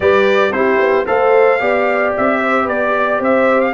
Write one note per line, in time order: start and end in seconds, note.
0.00 0.51 G3
0.00 0.52 G4
0.00 0.54 B4
0.00 0.52 D5
0.51 0.78 C4
0.51 1.06 E4
0.51 1.06 G4
0.51 1.06 C5
0.79 1.06 B3
1.06 1.61 A3
1.06 1.59 A4
1.06 1.59 C5
1.06 2.13 F5
1.59 2.14 B3
1.59 3.73 G4
1.59 2.40 D5
2.16 2.67 C4
2.16 2.68 E5
2.40 2.63 C5
2.63 3.20 B3
2.63 2.90 B4
2.63 3.21 D5
2.96 3.18 D5
3.18 3.73 C4
3.18 3.72 C5
3.18 3.60 E5
3.60 3.73 F5